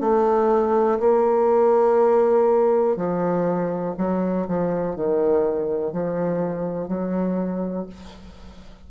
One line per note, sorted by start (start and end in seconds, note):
0.00 0.98 A3
0.99 2.96 A#3
2.96 3.94 F3
3.97 4.46 F#3
4.47 4.95 F3
4.95 5.92 D#3
5.92 6.88 F3
6.88 7.86 F#3